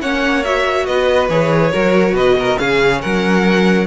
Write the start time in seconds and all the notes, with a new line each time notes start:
0.00 A#3 C#4 C#5 F#5
0.44 F#4 E5
0.85 B3 B4 D#5
1.29 E3 G#4 C#5
1.71 F#3 F#4 A#4
2.13 B2 B4 D#5
2.39 A#4
2.57 C#3 C#4 G#4 F5
3.01 F#3 A#4 F#5